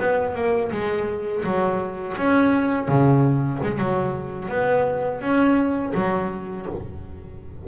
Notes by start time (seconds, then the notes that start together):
0.00 B3
0.35 A#3
0.72 G#3
1.45 F#3
2.17 C#4
2.89 C#3
3.63 G#3
3.79 F#3
4.49 B3
5.21 C#4
5.94 F#3